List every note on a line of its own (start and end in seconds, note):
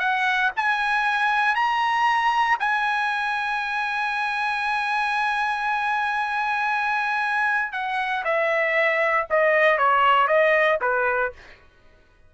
0.00 0.51 F#5
0.57 1.56 G#5
1.56 2.58 A#5
2.60 7.73 G#5
7.73 8.24 F#5
8.25 9.28 E5
9.31 9.79 D#5
9.79 10.28 C#5
10.28 10.79 D#5
10.82 11.33 B4